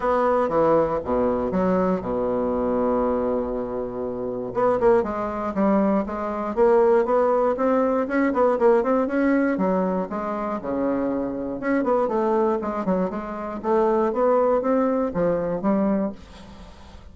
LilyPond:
\new Staff \with { instrumentName = "bassoon" } { \time 4/4 \tempo 4 = 119 b4 e4 b,4 fis4 | b,1~ | b,4 b8 ais8 gis4 g4 | gis4 ais4 b4 c'4 |
cis'8 b8 ais8 c'8 cis'4 fis4 | gis4 cis2 cis'8 b8 | a4 gis8 fis8 gis4 a4 | b4 c'4 f4 g4 | }